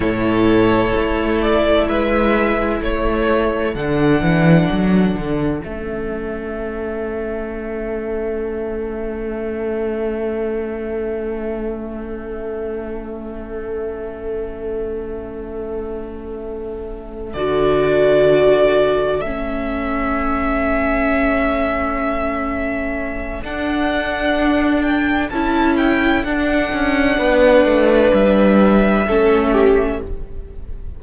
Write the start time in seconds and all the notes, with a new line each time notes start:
0.00 A2 E4 A4 C#5
0.95 A3
1.41 D5
1.88 G#3 B4 E5
2.80 A3 A4 C#5
3.74 D3 D4 F#5
4.21 E3
4.71 F#3
5.15 D3
5.62 A3 C#4 E5
17.33 D3 F#4 D5
19.21 A3 C#4 E5
23.41 D4 F#5
24.82 G5
25.29 C#4 E4 A5
25.77 G5
26.23 D4 F#5
26.72 C#4
27.18 B3 B4
27.64 A3
28.12 G3 E5
29.07 A3 C#4 A4
29.52 G4